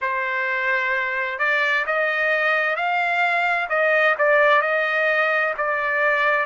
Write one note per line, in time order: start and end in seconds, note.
0.01 1.38 C5
1.38 1.85 D5
1.86 2.76 D#5
2.76 3.68 F5
3.69 4.15 D#5
4.18 4.62 D5
4.62 5.54 D#5
5.57 6.45 D5